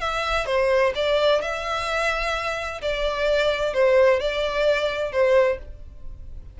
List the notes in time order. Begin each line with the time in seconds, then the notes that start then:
0.00 E5
0.46 C5
0.95 D5
1.41 E5
2.81 D5
3.73 C5
4.20 D5
5.12 C5